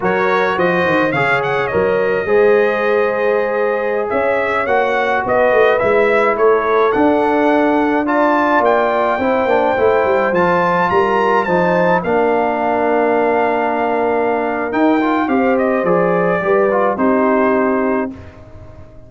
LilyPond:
<<
  \new Staff \with { instrumentName = "trumpet" } { \time 4/4 \tempo 4 = 106 cis''4 dis''4 f''8 fis''8 dis''4~ | dis''2.~ dis''16 e''8.~ | e''16 fis''4 dis''4 e''4 cis''8.~ | cis''16 fis''2 a''4 g''8.~ |
g''2~ g''16 a''4 ais''8.~ | ais''16 a''4 f''2~ f''8.~ | f''2 g''4 f''8 dis''8 | d''2 c''2 | }
  \new Staff \with { instrumentName = "horn" } { \time 4/4 ais'4 c''4 cis''2 | c''2.~ c''16 cis''8.~ | cis''4~ cis''16 b'2 a'8.~ | a'2~ a'16 d''4.~ d''16~ |
d''16 c''2. ais'8.~ | ais'16 c''4 ais'2~ ais'8.~ | ais'2. c''4~ | c''4 b'4 g'2 | }
  \new Staff \with { instrumentName = "trombone" } { \time 4/4 fis'2 gis'4 ais'4 | gis'1~ | gis'16 fis'2 e'4.~ e'16~ | e'16 d'2 f'4.~ f'16~ |
f'16 e'8 d'8 e'4 f'4.~ f'16~ | f'16 dis'4 d'2~ d'8.~ | d'2 dis'8 f'8 g'4 | gis'4 g'8 f'8 dis'2 | }
  \new Staff \with { instrumentName = "tuba" } { \time 4/4 fis4 f8 dis8 cis4 fis4 | gis2.~ gis16 cis'8.~ | cis'16 ais4 b8 a8 gis4 a8.~ | a16 d'2. ais8.~ |
ais16 c'8 ais8 a8 g8 f4 g8.~ | g16 f4 ais2~ ais8.~ | ais2 dis'4 c'4 | f4 g4 c'2 | }
>>